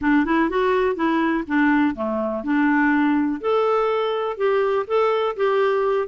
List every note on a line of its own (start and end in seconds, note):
0.01 0.25 D4
0.25 0.49 E4
0.49 0.95 F#4
0.95 1.44 E4
1.47 1.95 D4
1.95 2.43 A3
2.43 3.40 D4
3.40 4.37 A4
4.37 4.86 G4
4.87 5.36 A4
5.36 6.08 G4